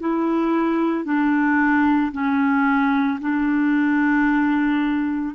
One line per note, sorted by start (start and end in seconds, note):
0.00 1.05 E4
1.05 2.12 D4
2.13 3.20 C#4
3.21 5.35 D4